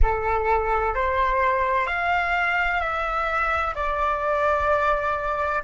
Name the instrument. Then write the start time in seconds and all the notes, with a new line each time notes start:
flute
0.02 A4
0.94 C5
1.86 F5
2.80 E5
3.75 D5